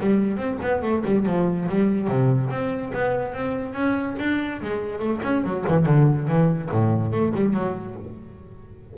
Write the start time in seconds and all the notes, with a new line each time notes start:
0.00 G3
0.36 C4
0.62 B3
0.82 A3
1.04 G3
1.25 F3
1.68 G3
2.08 C3
2.50 C4
2.93 B3
3.33 C4
3.73 C#4
4.19 D4
4.61 G#3
4.99 A3
5.23 C#4
5.44 F#3
5.67 E3
5.85 D3
6.27 E3
6.71 A2
7.12 A3
7.34 G3
7.53 F#3